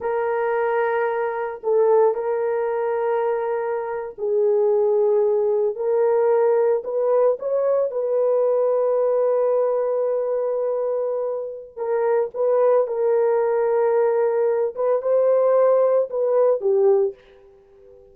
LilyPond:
\new Staff \with { instrumentName = "horn" } { \time 4/4 \tempo 4 = 112 ais'2. a'4 | ais'2.~ ais'8. gis'16~ | gis'2~ gis'8. ais'4~ ais'16~ | ais'8. b'4 cis''4 b'4~ b'16~ |
b'1~ | b'2 ais'4 b'4 | ais'2.~ ais'8 b'8 | c''2 b'4 g'4 | }